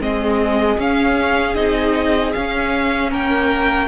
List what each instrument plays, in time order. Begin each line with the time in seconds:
0.00 cello G#3, viola C4, violin G#4 D#5
0.78 cello C#4, viola C#4, violin F5
1.55 cello C4, viola D#4, violin D#5
2.33 cello C#4, viola C#4, violin F5
3.11 cello A#3, violin A#4 G5